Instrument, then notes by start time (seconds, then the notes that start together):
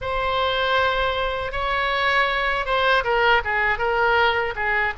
oboe
0.01 C5
1.52 C#5
2.65 C5
3.04 A#4
3.44 G#4
3.78 A#4
4.55 G#4